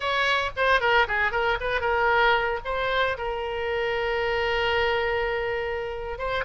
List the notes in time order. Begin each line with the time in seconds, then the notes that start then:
0.00 C#5
0.56 C5
0.80 A#4
1.07 G#4
1.31 A#4
1.60 B4
1.80 A#4
2.64 C5
3.17 A#4
6.18 C5